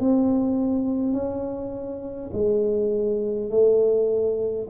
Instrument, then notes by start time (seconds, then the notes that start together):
tuba
0.00 C4
1.13 C#4
2.33 G#3
3.50 A3